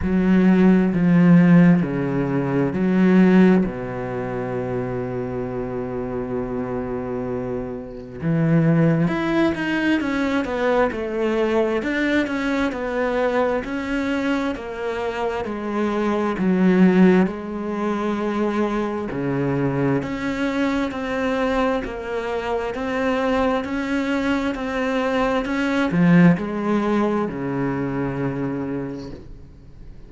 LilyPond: \new Staff \with { instrumentName = "cello" } { \time 4/4 \tempo 4 = 66 fis4 f4 cis4 fis4 | b,1~ | b,4 e4 e'8 dis'8 cis'8 b8 | a4 d'8 cis'8 b4 cis'4 |
ais4 gis4 fis4 gis4~ | gis4 cis4 cis'4 c'4 | ais4 c'4 cis'4 c'4 | cis'8 f8 gis4 cis2 | }